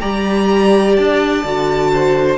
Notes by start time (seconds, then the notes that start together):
0.00 G3 G4 D5 A#5
0.96 D4 A5
1.44 D3 F#4
1.93 C5